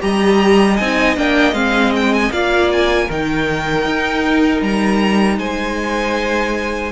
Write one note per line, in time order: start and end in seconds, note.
0.00 0.79 G3
0.00 0.77 G4
0.00 2.33 D#5
0.00 0.77 A#5
0.77 1.17 C4
0.77 1.16 D#4
0.77 1.16 G#5
1.16 1.53 A#3
1.16 1.54 D4
1.16 1.54 G5
1.53 2.30 G#3
1.53 2.31 C4
1.53 1.93 F5
1.96 2.14 G5
2.14 2.32 G#5
2.32 3.09 A#3
2.32 3.09 F4
2.32 3.05 D5
2.32 2.71 F5
2.73 3.11 G#5
3.05 3.86 D#3
3.05 6.92 D#4
3.05 5.36 A#4
3.12 4.63 G5
3.86 4.62 D#4
4.62 5.38 G3
4.62 5.39 A#5
5.38 6.92 G#3
5.38 6.92 C5
5.38 6.92 G#5